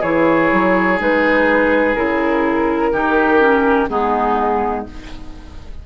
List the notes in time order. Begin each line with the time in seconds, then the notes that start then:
0.00 E3 E4 G#4 C#5
0.52 F#3
0.99 G#3 D#4 B4
1.95 C#3 E4 A#4
2.92 D#3 D#4 G4
3.40 C#4
3.89 G#3 B3 D#4 G#4